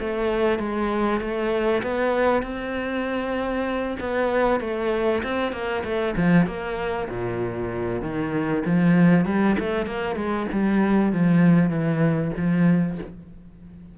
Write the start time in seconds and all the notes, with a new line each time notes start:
0.00 A3
0.60 G#3
1.21 A3
1.83 B3
2.43 C4
4.00 B3
4.61 A3
5.24 C4
5.53 A#3
5.85 A3
6.17 F3
6.47 A#3
7.10 A#2
8.02 D#3
8.66 F3
9.26 G3
9.60 A3
9.87 A#3
10.16 G#3
10.53 G3
11.13 F3
11.70 E3
12.37 F3